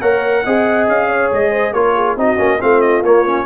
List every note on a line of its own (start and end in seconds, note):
0.00 0.45 A#3
0.00 0.45 A#4
0.00 0.43 C#5
0.00 0.88 F#5
0.45 0.88 C4
0.45 1.75 G#4
0.45 1.09 D#5
0.88 1.31 C#4
0.88 1.32 F5
1.09 1.51 C#5
1.32 1.73 G#3
1.32 1.74 D#5
1.51 1.73 C5
1.73 2.17 A#3
1.73 2.18 F4
1.73 1.96 A#4
1.73 2.17 C#5
1.96 2.17 G#4
2.17 2.38 C4
2.17 2.37 D#4
2.17 2.61 F#4
2.17 2.62 D#5
2.37 2.60 A#3
2.37 2.59 C#4
2.61 3.03 A3
2.61 3.04 C4
2.61 3.46 F4
2.61 2.81 F5
2.81 3.03 D#5
3.03 3.46 A#3
3.03 3.27 A#3
3.03 3.46 C#5
3.27 3.46 C#4